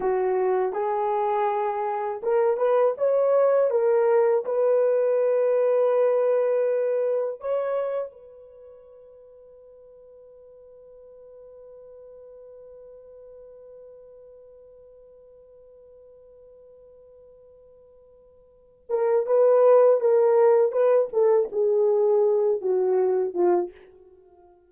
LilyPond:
\new Staff \with { instrumentName = "horn" } { \time 4/4 \tempo 4 = 81 fis'4 gis'2 ais'8 b'8 | cis''4 ais'4 b'2~ | b'2 cis''4 b'4~ | b'1~ |
b'1~ | b'1~ | b'4. ais'8 b'4 ais'4 | b'8 a'8 gis'4. fis'4 f'8 | }